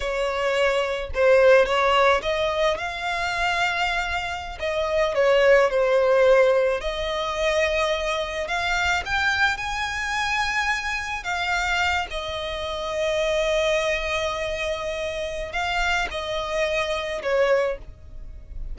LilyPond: \new Staff \with { instrumentName = "violin" } { \time 4/4 \tempo 4 = 108 cis''2 c''4 cis''4 | dis''4 f''2.~ | f''16 dis''4 cis''4 c''4.~ c''16~ | c''16 dis''2. f''8.~ |
f''16 g''4 gis''2~ gis''8.~ | gis''16 f''4. dis''2~ dis''16~ | dis''1 | f''4 dis''2 cis''4 | }